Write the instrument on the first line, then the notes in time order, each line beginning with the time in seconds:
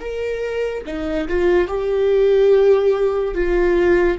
viola
0.00 A#4
0.86 D#4
1.28 F4
1.68 G4
3.34 F4